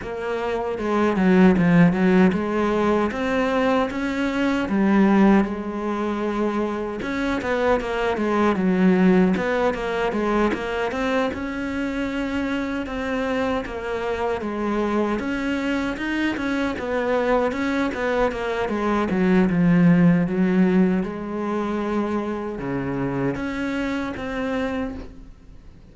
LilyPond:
\new Staff \with { instrumentName = "cello" } { \time 4/4 \tempo 4 = 77 ais4 gis8 fis8 f8 fis8 gis4 | c'4 cis'4 g4 gis4~ | gis4 cis'8 b8 ais8 gis8 fis4 | b8 ais8 gis8 ais8 c'8 cis'4.~ |
cis'8 c'4 ais4 gis4 cis'8~ | cis'8 dis'8 cis'8 b4 cis'8 b8 ais8 | gis8 fis8 f4 fis4 gis4~ | gis4 cis4 cis'4 c'4 | }